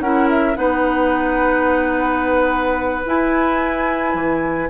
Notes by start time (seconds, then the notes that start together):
0.00 C#4 E4 A#4 F#5
0.29 E5
0.55 B3 D#4 B4 F#5
3.05 E4 G#5
4.14 E3